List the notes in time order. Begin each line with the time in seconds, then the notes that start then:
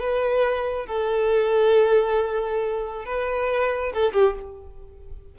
0.00 B4
0.87 A4
3.06 B4
3.94 A4
4.13 G4